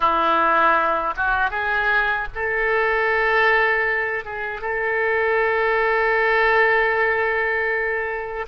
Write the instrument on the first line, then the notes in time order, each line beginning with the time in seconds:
oboe
0.00 E4
1.16 F#4
1.50 G#4
2.35 A4
4.24 G#4
4.61 A4